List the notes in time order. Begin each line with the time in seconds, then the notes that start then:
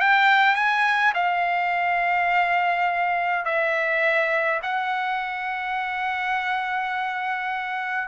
0.00 G5
0.55 G#5
1.14 F5
3.45 E5
4.62 F#5